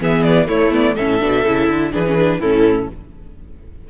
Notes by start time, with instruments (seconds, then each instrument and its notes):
0.00 cello E3, viola B3, violin G#4 E5
0.23 violin D5
0.48 viola A3, cello A3, violin E4 C#5
0.71 viola B3, violin D5
0.95 cello A2, viola C#4, violin A4 E5
1.20 cello B2, viola D4
1.45 cello C#3, viola E4
1.68 cello D3
1.92 cello E3, viola D4, violin G#4 B4
2.06 viola C#4
2.17 viola D4
2.39 cello A2, viola C#4, violin E4 A4